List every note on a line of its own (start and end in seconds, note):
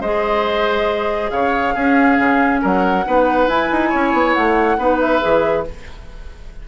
0.00 1.30 G#3
0.00 1.77 G#4
0.00 1.31 C5
0.00 1.30 D#5
1.30 1.75 C#3
1.30 1.74 C#5
1.30 2.61 F5
1.74 2.18 C#4
1.74 3.05 C#4
1.74 2.61 G#4
2.18 2.61 C#3
2.61 3.07 F#3
2.61 3.05 A#4
2.61 3.49 F#5
3.05 3.47 B3
3.05 3.48 D#4
3.05 3.89 B4
3.47 3.69 E4
3.47 4.79 E4
3.47 4.33 G#5
3.72 3.93 D#4
3.89 4.13 C#4
3.89 4.76 C#5
4.13 4.35 B3
4.33 4.78 A3
4.33 4.98 F#5
4.78 5.21 B3
4.78 5.20 D#4
4.78 5.65 B4
5.00 5.65 E5
5.20 5.68 E3
5.20 5.64 G#4